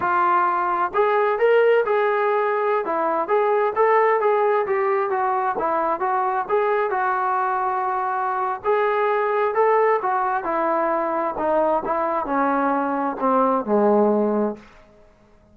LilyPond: \new Staff \with { instrumentName = "trombone" } { \time 4/4 \tempo 4 = 132 f'2 gis'4 ais'4 | gis'2~ gis'16 e'4 gis'8.~ | gis'16 a'4 gis'4 g'4 fis'8.~ | fis'16 e'4 fis'4 gis'4 fis'8.~ |
fis'2. gis'4~ | gis'4 a'4 fis'4 e'4~ | e'4 dis'4 e'4 cis'4~ | cis'4 c'4 gis2 | }